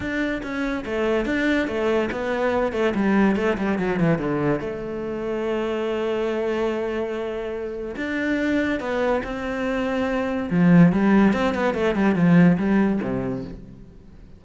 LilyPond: \new Staff \with { instrumentName = "cello" } { \time 4/4 \tempo 4 = 143 d'4 cis'4 a4 d'4 | a4 b4. a8 g4 | a8 g8 fis8 e8 d4 a4~ | a1~ |
a2. d'4~ | d'4 b4 c'2~ | c'4 f4 g4 c'8 b8 | a8 g8 f4 g4 c4 | }